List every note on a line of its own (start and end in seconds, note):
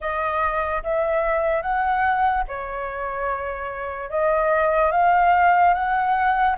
0.00 0.83 D#5
0.83 1.61 E5
1.61 2.44 F#5
2.48 4.10 C#5
4.10 4.91 D#5
4.91 5.73 F5
5.73 6.56 F#5